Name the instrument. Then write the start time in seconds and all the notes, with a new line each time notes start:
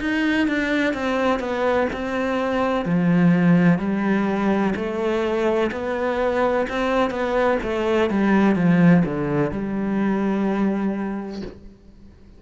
cello
0.00 D#4
0.48 D4
0.94 C4
1.39 B3
1.93 C4
2.85 F3
3.79 G3
4.76 A3
5.71 B3
6.69 C4
7.10 B3
7.63 A3
8.10 G3
8.55 F3
9.05 D3
9.52 G3